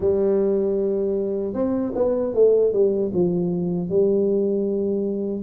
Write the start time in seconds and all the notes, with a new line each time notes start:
0.00 G3
1.53 C4
1.94 B3
2.34 A3
2.72 G3
3.13 F3
3.89 G3